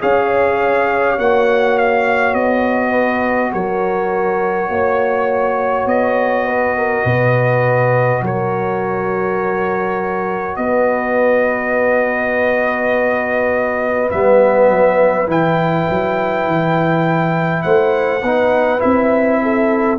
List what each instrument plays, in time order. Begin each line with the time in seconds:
0.00 tuba C#4, trombone G#4, horn C#5, trumpet F5
1.18 tuba A#3, trombone F#4, trumpet F#5
1.77 trumpet F5
2.33 tuba B3, trumpet D#5
2.90 horn B4
3.53 tuba F#3, horn A#4, trumpet C#5
4.69 tuba A#3, horn C#5
5.86 tuba B3, trumpet D#5
6.46 horn B4
6.77 horn A#4
7.05 tuba B2, horn B4
8.22 tuba F#3, horn A#4, trumpet C#5
10.56 tuba B3, horn B4, trumpet D#5
14.10 tuba G3, trombone B3, trumpet E5
14.68 tuba F#3
15.26 tuba E3, trombone E4, trumpet G5
15.90 tuba F#3
16.47 tuba E3
17.62 tuba A3, horn C5, trumpet F#5
18.22 tuba B3, trombone D#4, horn B4
18.79 tuba C4, trombone E4, trumpet E5
19.42 horn A4